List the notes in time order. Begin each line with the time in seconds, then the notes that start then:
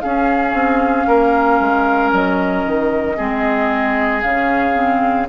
0.00 C#4 G#4 F5
0.53 C4
1.07 A#3 A#4
1.59 G#3
2.12 F#3 D#5
2.65 D#3
3.16 G#3 C4 G#4
4.21 C#3 C#4 F5
4.73 C4